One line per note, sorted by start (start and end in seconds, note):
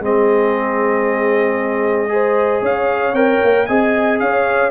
0.00 2.61 G#3
0.00 2.09 C4
0.00 2.12 G#4
0.00 2.65 D#5
2.09 3.13 G#4
2.09 2.62 C5
2.62 3.13 C#4
2.62 3.67 C#5
2.62 3.15 F5
3.13 3.39 C4
3.13 3.67 A#4
3.13 3.66 G5
3.44 3.69 A#3
3.66 4.20 C4
3.66 4.71 G#4
3.66 4.20 D#5
3.66 4.18 G#5
4.20 4.71 C#4
4.20 4.71 C#5
4.20 4.71 F5